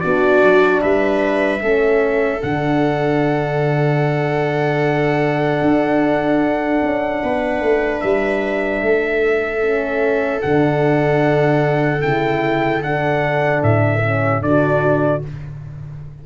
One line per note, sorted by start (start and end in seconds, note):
0.00 0.42 B3
0.00 1.60 D4
0.00 0.81 F#4
0.00 0.80 D5
0.42 0.82 F#3
0.81 1.61 G3
0.81 1.61 B4
0.81 2.42 E5
1.60 2.41 A3
1.60 2.40 C#4
1.60 7.22 A4
2.41 5.61 D3
2.41 9.61 D4
2.41 8.00 F#5
5.61 6.81 D4
6.83 7.23 C#4
7.23 7.61 B3
7.23 8.83 B4
7.61 8.01 A3
8.00 8.81 G3
8.00 10.40 E5
8.81 10.41 A3
8.81 14.21 A4
9.61 10.41 C#4
10.41 12.03 D3
10.41 12.02 D4
10.41 12.01 F#5
12.02 12.82 C#3
12.02 12.81 E4
12.02 12.82 G5
12.81 13.62 D3
12.81 14.01 D4
12.81 13.63 F#5
13.62 14.41 A2
13.62 14.42 E5
14.02 14.42 C#4
14.21 14.41 G4
14.41 15.21 D3
14.41 15.22 D4
14.41 15.26 F#4
14.41 15.22 D5